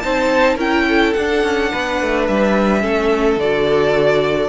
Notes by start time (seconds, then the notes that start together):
0.00 C4 D#4 C5 A5
0.56 C#4 E4 A#4 G5
0.88 A4
1.13 D4 F#5
1.44 C#4
1.72 B3 B4
2.02 A3
2.28 G3 E5
2.81 A3 C#4 A4
3.37 D3 F#4 D5